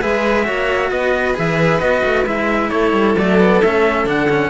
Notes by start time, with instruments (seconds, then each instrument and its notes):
0.00 cello G#3 G#4, violin B4, trumpet E5
0.45 cello A#3 F#4, violin C#5
0.91 cello B3, violin B4, trumpet D#5
1.34 cello E3 G#4, trumpet E5
1.80 cello B3 F#4, trumpet D#5
2.05 cello A3
2.25 cello G#3 E4, trumpet E5
2.69 cello A3, violin A4, trumpet C#5
2.92 cello G3
3.16 cello F#3 A3, trumpet D5
3.39 cello B3
3.62 cello A3 C#4, trumpet E5
4.05 cello D3 D4, trumpet F#5
4.29 cello C#4